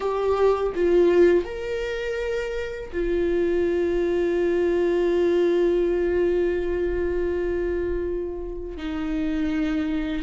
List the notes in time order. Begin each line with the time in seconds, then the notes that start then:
0.00 G4
0.75 F4
1.45 A#4
2.92 F4
8.77 D#4